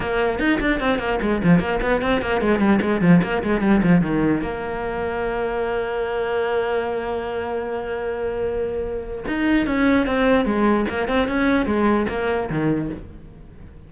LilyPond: \new Staff \with { instrumentName = "cello" } { \time 4/4 \tempo 4 = 149 ais4 dis'8 d'8 c'8 ais8 gis8 f8 | ais8 b8 c'8 ais8 gis8 g8 gis8 f8 | ais8 gis8 g8 f8 dis4 ais4~ | ais1~ |
ais1~ | ais2. dis'4 | cis'4 c'4 gis4 ais8 c'8 | cis'4 gis4 ais4 dis4 | }